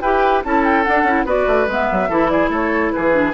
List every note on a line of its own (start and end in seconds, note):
0.00 0.43 E4
0.00 0.44 G4
0.00 0.43 B4
0.00 0.42 G5
0.44 0.86 C#4
0.44 0.84 E4
0.44 1.25 A4
0.44 0.64 A5
0.64 0.84 G5
0.84 1.05 D4
0.84 1.03 D4
0.84 1.25 F#5
1.03 1.23 C#4
1.03 1.26 E4
1.25 1.46 B3
1.25 1.68 F#4
1.25 2.09 B4
1.25 1.70 D5
1.47 1.67 A3
1.67 1.88 G#3
1.67 2.09 B3
1.67 2.28 E5
1.91 2.09 F#3
2.09 2.49 E3
2.09 3.11 E4
2.09 2.30 A4
2.28 2.50 G#4
2.28 2.49 D5
2.49 2.91 A3
2.49 2.91 A4
2.49 2.91 C#5
2.91 3.34 E3
2.91 3.34 G#4
2.91 3.33 B4
3.11 3.32 D4